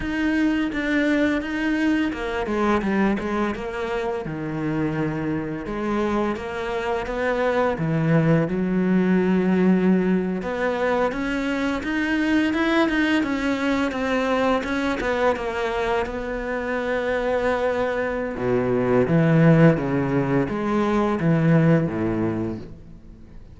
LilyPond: \new Staff \with { instrumentName = "cello" } { \time 4/4 \tempo 4 = 85 dis'4 d'4 dis'4 ais8 gis8 | g8 gis8 ais4 dis2 | gis4 ais4 b4 e4 | fis2~ fis8. b4 cis'16~ |
cis'8. dis'4 e'8 dis'8 cis'4 c'16~ | c'8. cis'8 b8 ais4 b4~ b16~ | b2 b,4 e4 | cis4 gis4 e4 a,4 | }